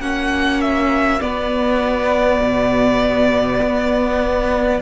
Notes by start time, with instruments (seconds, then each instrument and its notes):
0.00 cello A#3, viola C#4, violin F#4 F#5
0.61 violin E5
1.21 viola B3, cello B3, violin D5
2.41 cello B2
3.62 cello B3